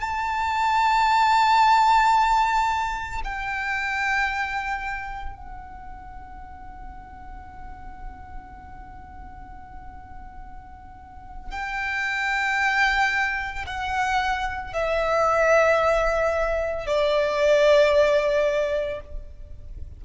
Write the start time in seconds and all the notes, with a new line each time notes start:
0.00 A5
3.24 G5
5.35 F#5
11.51 G5
13.66 F#5
14.73 E5
16.86 D5